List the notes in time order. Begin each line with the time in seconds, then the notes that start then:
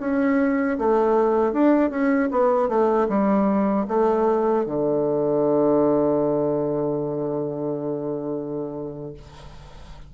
0.00 C#4
0.78 A3
1.53 D4
1.91 C#4
2.31 B3
2.69 A3
3.09 G3
3.88 A3
4.66 D3